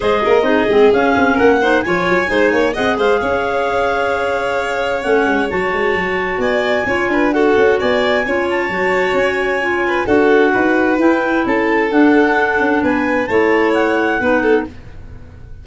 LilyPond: <<
  \new Staff \with { instrumentName = "clarinet" } { \time 4/4 \tempo 4 = 131 dis''2 f''4 fis''4 | gis''2 fis''8 f''4.~ | f''2. fis''4 | a''2 gis''2 |
fis''4 gis''4. a''4. | gis''2 fis''2 | g''4 a''4 fis''2 | gis''4 a''4 fis''2 | }
  \new Staff \with { instrumentName = "violin" } { \time 4/4 c''8 ais'8 gis'2 ais'8 c''8 | cis''4 c''8 cis''8 dis''8 c''8 cis''4~ | cis''1~ | cis''2 d''4 cis''8 b'8 |
a'4 d''4 cis''2~ | cis''4. b'8 a'4 b'4~ | b'4 a'2. | b'4 cis''2 b'8 a'8 | }
  \new Staff \with { instrumentName = "clarinet" } { \time 4/4 gis'4 dis'8 c'8 cis'4. dis'8 | f'4 dis'4 gis'2~ | gis'2. cis'4 | fis'2. f'4 |
fis'2 f'4 fis'4~ | fis'4 f'4 fis'2 | e'2 d'2~ | d'4 e'2 dis'4 | }
  \new Staff \with { instrumentName = "tuba" } { \time 4/4 gis8 ais8 c'8 gis8 cis'8 c'8 ais4 | f8 fis8 gis8 ais8 c'8 gis8 cis'4~ | cis'2. a8 gis8 | fis8 gis8 fis4 b4 cis'8 d'8~ |
d'8 cis'8 b4 cis'4 fis4 | cis'2 d'4 dis'4 | e'4 cis'4 d'4. cis'8 | b4 a2 b4 | }
>>